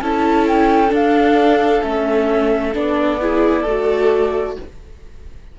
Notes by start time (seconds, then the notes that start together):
0.00 C#4 E4 A4 A5
0.47 G5
0.88 D4 F5
1.81 A3 C#4 E5
2.73 B3 D4 D5
3.20 E4 G#4
3.61 A3 A4
3.68 F#4